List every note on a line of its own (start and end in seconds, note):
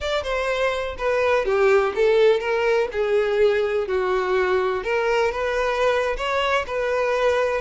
0.00 0.23 D5
0.23 0.95 C5
0.97 1.45 B4
1.45 1.93 G4
1.95 2.40 A4
2.40 2.88 A#4
2.91 3.87 G#4
3.87 4.83 F#4
4.83 5.31 A#4
5.31 6.16 B4
6.16 6.65 C#5
6.66 7.61 B4